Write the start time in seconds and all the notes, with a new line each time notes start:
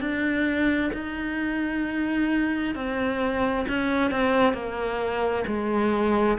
0.00 D4
0.93 D#4
2.75 C4
3.68 C#4
4.11 C4
4.53 A#3
5.47 G#3